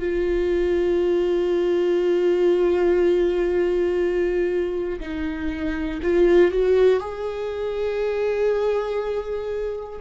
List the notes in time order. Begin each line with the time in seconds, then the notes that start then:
0.00 F4
5.00 D#4
6.02 F4
6.51 F#4
7.00 G#4